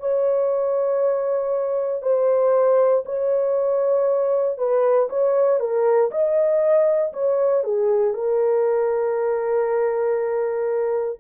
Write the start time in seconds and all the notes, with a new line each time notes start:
0.00 C#5
2.02 C5
3.06 C#5
4.58 B4
5.09 C#5
5.60 A#4
6.11 D#5
7.13 C#5
7.64 G#4
8.14 A#4